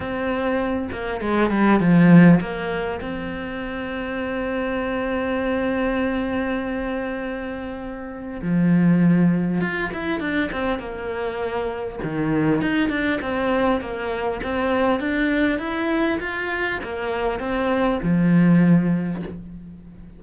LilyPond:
\new Staff \with { instrumentName = "cello" } { \time 4/4 \tempo 4 = 100 c'4. ais8 gis8 g8 f4 | ais4 c'2.~ | c'1~ | c'2 f2 |
f'8 e'8 d'8 c'8 ais2 | dis4 dis'8 d'8 c'4 ais4 | c'4 d'4 e'4 f'4 | ais4 c'4 f2 | }